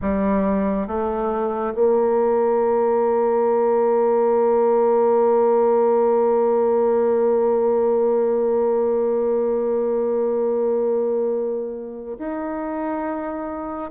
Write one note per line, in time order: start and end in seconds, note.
0.01 0.87 G3
0.87 1.74 A3
1.74 12.17 A#3
12.18 13.91 D#4